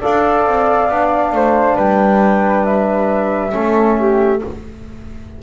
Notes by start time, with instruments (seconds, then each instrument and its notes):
0.00 double bass D4, trombone A4, flute D5 F5
0.45 double bass C4
0.89 double bass B3, trombone D4
1.32 double bass A3, flute C5
1.75 double bass G3, flute B4 G5
2.65 flute E5
3.51 double bass A3, trombone C#4, flute A4
3.98 flute G4